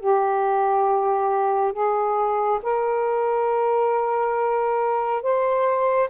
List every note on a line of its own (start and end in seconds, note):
0.00 1.74 G4
1.74 2.60 G#4
2.63 5.23 A#4
5.23 6.10 C5